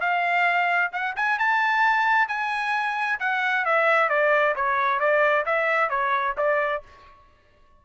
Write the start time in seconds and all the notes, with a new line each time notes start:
0.00 F5
0.92 F#5
1.16 G#5
1.39 A5
2.28 G#5
3.19 F#5
3.65 E5
4.09 D5
4.55 C#5
4.99 D5
5.45 E5
5.89 C#5
6.37 D5